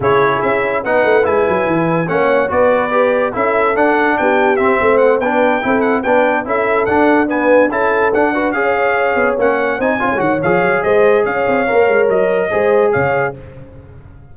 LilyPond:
<<
  \new Staff \with { instrumentName = "trumpet" } { \time 4/4 \tempo 4 = 144 cis''4 e''4 fis''4 gis''4~ | gis''4 fis''4 d''2 | e''4 fis''4 g''4 e''4 | fis''8 g''4. fis''8 g''4 e''8~ |
e''8 fis''4 gis''4 a''4 fis''8~ | fis''8 f''2 fis''4 gis''8~ | gis''8 fis''8 f''4 dis''4 f''4~ | f''4 dis''2 f''4 | }
  \new Staff \with { instrumentName = "horn" } { \time 4/4 gis'2 b'2~ | b'4 cis''4 b'2 | a'2 g'4. c''8~ | c''8 b'4 a'4 b'4 a'8~ |
a'4. b'4 a'4. | b'8 cis''2. c''8 | cis''2 c''4 cis''4~ | cis''2 c''4 cis''4 | }
  \new Staff \with { instrumentName = "trombone" } { \time 4/4 e'2 dis'4 e'4~ | e'4 cis'4 fis'4 g'4 | e'4 d'2 c'4~ | c'8 d'4 e'4 d'4 e'8~ |
e'8 d'4 b4 e'4 d'8 | fis'8 gis'2 cis'4 dis'8 | f'8 fis'8 gis'2. | ais'2 gis'2 | }
  \new Staff \with { instrumentName = "tuba" } { \time 4/4 cis4 cis'4 b8 a8 gis8 fis8 | e4 ais4 b2 | cis'4 d'4 b4 c'8 a8~ | a8 b4 c'4 b4 cis'8~ |
cis'8 d'2 cis'4 d'8~ | d'8 cis'4. b8 ais4 c'8 | cis'16 gis16 dis8 f8 fis8 gis4 cis'8 c'8 | ais8 gis8 fis4 gis4 cis4 | }
>>